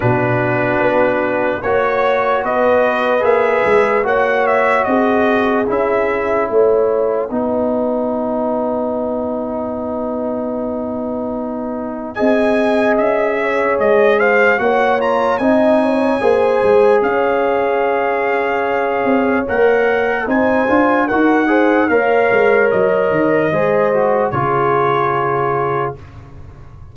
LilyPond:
<<
  \new Staff \with { instrumentName = "trumpet" } { \time 4/4 \tempo 4 = 74 b'2 cis''4 dis''4 | e''4 fis''8 e''8 dis''4 e''4 | fis''1~ | fis''2. gis''4 |
e''4 dis''8 f''8 fis''8 ais''8 gis''4~ | gis''4 f''2. | fis''4 gis''4 fis''4 f''4 | dis''2 cis''2 | }
  \new Staff \with { instrumentName = "horn" } { \time 4/4 fis'2 cis''4 b'4~ | b'4 cis''4 gis'2 | cis''4 b'2.~ | b'2. dis''4~ |
dis''8 cis''4 c''8 cis''4 dis''8 cis''8 | c''4 cis''2.~ | cis''4 c''4 ais'8 c''8 cis''4~ | cis''4 c''4 gis'2 | }
  \new Staff \with { instrumentName = "trombone" } { \time 4/4 d'2 fis'2 | gis'4 fis'2 e'4~ | e'4 dis'2.~ | dis'2. gis'4~ |
gis'2 fis'8 f'8 dis'4 | gis'1 | ais'4 dis'8 f'8 fis'8 gis'8 ais'4~ | ais'4 gis'8 fis'8 f'2 | }
  \new Staff \with { instrumentName = "tuba" } { \time 4/4 b,4 b4 ais4 b4 | ais8 gis8 ais4 c'4 cis'4 | a4 b2.~ | b2. c'4 |
cis'4 gis4 ais4 c'4 | ais8 gis8 cis'2~ cis'8 c'8 | ais4 c'8 d'8 dis'4 ais8 gis8 | fis8 dis8 gis4 cis2 | }
>>